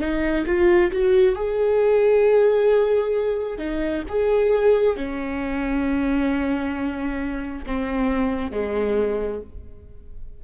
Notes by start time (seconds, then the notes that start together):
0.00 D#4
0.46 F4
0.92 F#4
1.35 G#4
3.58 D#4
4.08 G#4
4.96 C#4
7.66 C4
8.51 G#3